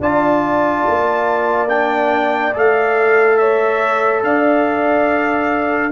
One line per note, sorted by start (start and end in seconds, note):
0.00 0.85 D4
0.00 1.68 F4
0.00 3.39 D5
0.00 1.69 A5
0.87 2.55 A#3
1.68 2.52 D4
1.68 2.53 G5
2.53 4.23 A3
2.53 5.91 A4
2.53 3.37 F5
3.37 4.23 C#5
3.37 4.21 E5
4.23 5.92 D4
4.23 5.92 D5
4.23 5.92 F5